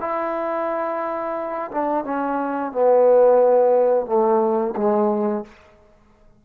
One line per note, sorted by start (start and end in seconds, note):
0.00 1.70 E4
1.71 2.04 D4
2.04 2.71 C#4
2.71 4.06 B3
4.06 4.74 A3
4.76 5.44 G#3